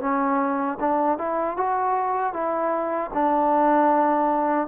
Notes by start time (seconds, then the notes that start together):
0.00 C#4
0.80 D4
1.18 E4
1.57 F#4
2.33 E4
3.13 D4